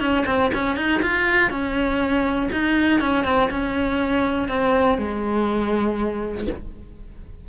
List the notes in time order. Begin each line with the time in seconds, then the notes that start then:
0.00 C#4
0.26 C4
0.54 C#4
0.76 D#4
1.03 F4
1.50 C#4
2.52 D#4
3.01 C#4
3.25 C4
3.51 C#4
4.49 C4
4.98 G#3